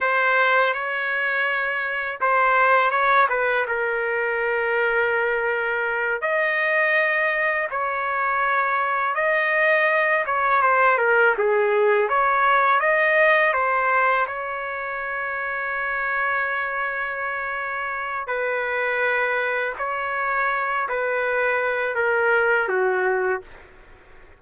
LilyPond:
\new Staff \with { instrumentName = "trumpet" } { \time 4/4 \tempo 4 = 82 c''4 cis''2 c''4 | cis''8 b'8 ais'2.~ | ais'8 dis''2 cis''4.~ | cis''8 dis''4. cis''8 c''8 ais'8 gis'8~ |
gis'8 cis''4 dis''4 c''4 cis''8~ | cis''1~ | cis''4 b'2 cis''4~ | cis''8 b'4. ais'4 fis'4 | }